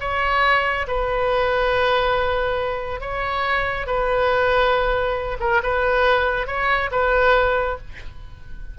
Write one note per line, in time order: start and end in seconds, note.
0.00 0.86 C#5
0.87 3.00 B4
3.00 3.87 C#5
3.87 5.38 B4
5.39 5.61 A#4
5.63 6.47 B4
6.47 6.90 C#5
6.91 7.78 B4